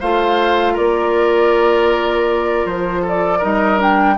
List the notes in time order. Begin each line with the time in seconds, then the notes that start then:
0.00 A3 F4 C5 F5
0.73 A#3 A#4 D5
2.65 F3 C5
3.02 A4
3.08 D5
3.38 G3 D#4 A#4 D#5
3.78 D4 G5